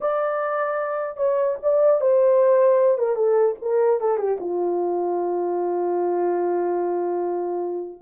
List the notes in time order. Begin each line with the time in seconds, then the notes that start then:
0.00 D5
1.17 C#5
1.62 D5
2.01 C5
2.97 A#4
3.15 A4
3.61 A#4
4.00 A4
4.17 G4
4.40 F4